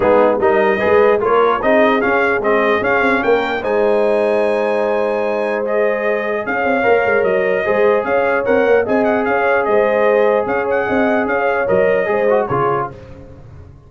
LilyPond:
<<
  \new Staff \with { instrumentName = "trumpet" } { \time 4/4 \tempo 4 = 149 gis'4 dis''2 cis''4 | dis''4 f''4 dis''4 f''4 | g''4 gis''2.~ | gis''2 dis''2 |
f''2 dis''2 | f''4 fis''4 gis''8 fis''8 f''4 | dis''2 f''8 fis''4. | f''4 dis''2 cis''4 | }
  \new Staff \with { instrumentName = "horn" } { \time 4/4 dis'4 ais'4 b'4 ais'4 | gis'1 | ais'4 c''2.~ | c''1 |
cis''2. c''4 | cis''2 dis''4 cis''4 | c''2 cis''4 dis''4 | cis''2 c''4 gis'4 | }
  \new Staff \with { instrumentName = "trombone" } { \time 4/4 b4 dis'4 gis'4 f'4 | dis'4 cis'4 c'4 cis'4~ | cis'4 dis'2.~ | dis'2 gis'2~ |
gis'4 ais'2 gis'4~ | gis'4 ais'4 gis'2~ | gis'1~ | gis'4 ais'4 gis'8 fis'8 f'4 | }
  \new Staff \with { instrumentName = "tuba" } { \time 4/4 gis4 g4 gis4 ais4 | c'4 cis'4 gis4 cis'8 c'8 | ais4 gis2.~ | gis1 |
cis'8 c'8 ais8 gis8 fis4 gis4 | cis'4 c'8 ais8 c'4 cis'4 | gis2 cis'4 c'4 | cis'4 fis4 gis4 cis4 | }
>>